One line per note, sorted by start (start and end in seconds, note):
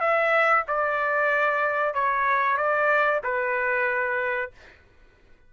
0.00 0.64 E5
0.67 1.94 D5
1.94 2.57 C#5
2.57 3.21 D5
3.23 4.51 B4